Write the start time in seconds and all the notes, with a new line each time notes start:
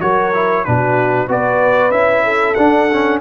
0.00 F#3 F#4 A#4 C#5
0.34 E4
0.64 B2 D4 F#4 B4
1.28 B3 F#4 B4 D5
1.90 C#4 E4 E5
2.24 A4
2.54 D4 F#5
2.92 C#4